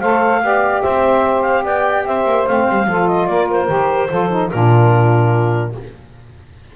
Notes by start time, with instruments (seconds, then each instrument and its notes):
0.00 double bass A3, saxophone A4 C5, clarinet F5
0.42 double bass B3, saxophone G4 D5
0.82 double bass C4, saxophone C5, clarinet E5
1.42 clarinet F5
1.64 double bass B3, saxophone D5, clarinet G5
2.05 double bass C4, saxophone C5, clarinet E5
2.25 double bass A#3
2.46 double bass A3, saxophone C4, clarinet F5
2.69 double bass G3
2.86 double bass F3, saxophone F4 A4
3.08 clarinet D#5
3.26 double bass A#3, saxophone A#4, clarinet D5
3.50 clarinet C5
3.67 double bass D#3, saxophone G4
4.09 double bass F3, saxophone F4 A4
4.30 saxophone D#4
4.50 double bass A#2, saxophone D4 F4, clarinet A#4